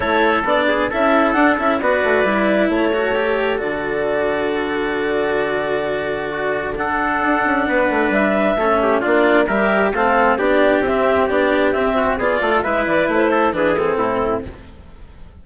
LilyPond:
<<
  \new Staff \with { instrumentName = "clarinet" } { \time 4/4 \tempo 4 = 133 cis''4 d''4 e''4 fis''8 e''8 | d''2 cis''2 | d''1~ | d''2. fis''4~ |
fis''2 e''2 | d''4 e''4 f''4 d''4 | e''4 d''4 e''4 d''4 | e''8 d''8 c''4 b'8 a'4. | }
  \new Staff \with { instrumentName = "trumpet" } { \time 4/4 a'4. gis'8 a'2 | b'2 a'2~ | a'1~ | a'2 fis'4 a'4~ |
a'4 b'2 a'8 g'8 | f'4 ais'4 a'4 g'4~ | g'2~ g'8 fis'8 gis'8 a'8 | b'4. a'8 gis'4 e'4 | }
  \new Staff \with { instrumentName = "cello" } { \time 4/4 e'4 d'4 e'4 d'8 e'8 | fis'4 e'4. fis'8 g'4 | fis'1~ | fis'2. d'4~ |
d'2. cis'4 | d'4 g'4 c'4 d'4 | c'4 d'4 c'4 f'4 | e'2 d'8 c'4. | }
  \new Staff \with { instrumentName = "bassoon" } { \time 4/4 a4 b4 cis'4 d'8 cis'8 | b8 a8 g4 a2 | d1~ | d1 |
d'8 cis'8 b8 a8 g4 a4 | ais4 g4 a4 b4 | c'4 b4 c'4 b8 a8 | gis8 e8 a4 e4 a,4 | }
>>